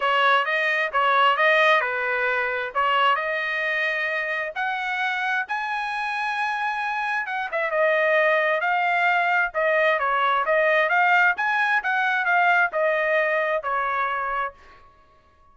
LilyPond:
\new Staff \with { instrumentName = "trumpet" } { \time 4/4 \tempo 4 = 132 cis''4 dis''4 cis''4 dis''4 | b'2 cis''4 dis''4~ | dis''2 fis''2 | gis''1 |
fis''8 e''8 dis''2 f''4~ | f''4 dis''4 cis''4 dis''4 | f''4 gis''4 fis''4 f''4 | dis''2 cis''2 | }